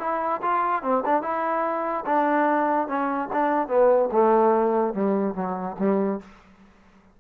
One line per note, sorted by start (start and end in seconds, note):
0.00 0.41 E4
0.42 0.83 F4
0.83 1.04 C4
1.06 1.22 D4
1.22 2.05 E4
2.06 2.88 D4
2.88 3.30 C#4
3.33 3.68 D4
3.68 4.10 B3
4.12 4.94 A3
4.94 5.35 G3
5.35 5.76 F#3
5.79 6.21 G3